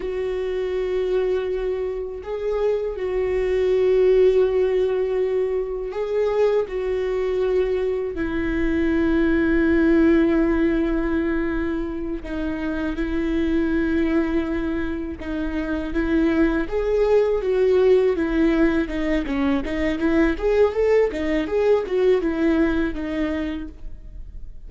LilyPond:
\new Staff \with { instrumentName = "viola" } { \time 4/4 \tempo 4 = 81 fis'2. gis'4 | fis'1 | gis'4 fis'2 e'4~ | e'1~ |
e'8 dis'4 e'2~ e'8~ | e'8 dis'4 e'4 gis'4 fis'8~ | fis'8 e'4 dis'8 cis'8 dis'8 e'8 gis'8 | a'8 dis'8 gis'8 fis'8 e'4 dis'4 | }